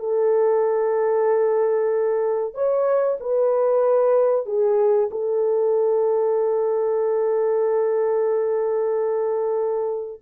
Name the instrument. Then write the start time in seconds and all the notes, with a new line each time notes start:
horn
0.00 A4
2.54 C#5
3.21 B4
4.46 G#4
5.11 A4